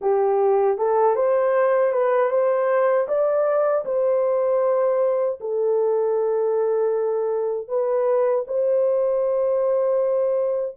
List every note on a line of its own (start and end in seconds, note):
0.01 0.77 G4
0.77 1.15 A4
1.15 1.92 C5
1.92 2.30 B4
2.30 3.07 C5
3.08 3.85 D5
3.85 5.38 C5
5.40 7.67 A4
7.67 8.44 B4
8.47 10.76 C5